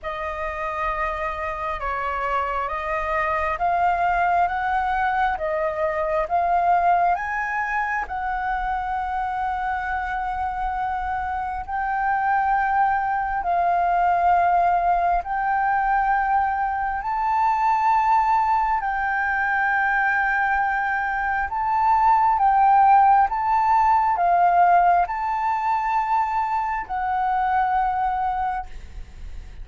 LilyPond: \new Staff \with { instrumentName = "flute" } { \time 4/4 \tempo 4 = 67 dis''2 cis''4 dis''4 | f''4 fis''4 dis''4 f''4 | gis''4 fis''2.~ | fis''4 g''2 f''4~ |
f''4 g''2 a''4~ | a''4 g''2. | a''4 g''4 a''4 f''4 | a''2 fis''2 | }